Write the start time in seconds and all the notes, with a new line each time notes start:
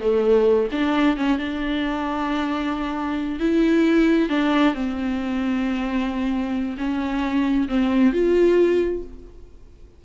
0.00 A3
0.71 D4
1.16 C#4
1.38 D4
3.39 E4
4.29 D4
4.73 C4
6.77 C#4
7.68 C4
8.12 F4